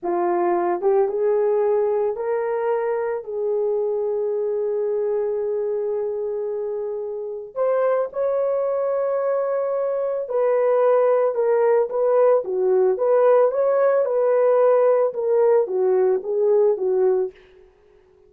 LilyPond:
\new Staff \with { instrumentName = "horn" } { \time 4/4 \tempo 4 = 111 f'4. g'8 gis'2 | ais'2 gis'2~ | gis'1~ | gis'2 c''4 cis''4~ |
cis''2. b'4~ | b'4 ais'4 b'4 fis'4 | b'4 cis''4 b'2 | ais'4 fis'4 gis'4 fis'4 | }